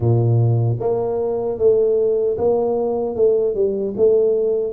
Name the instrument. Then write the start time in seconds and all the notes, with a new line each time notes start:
tuba
0.00 A#2
0.79 A#3
1.58 A3
2.37 A#3
3.15 A3
3.54 G3
3.97 A3